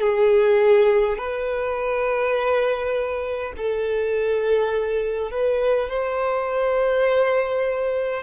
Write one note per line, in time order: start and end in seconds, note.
0.00 1.18 G#4
1.18 3.53 B4
3.57 5.31 A4
5.31 5.89 B4
5.89 8.22 C5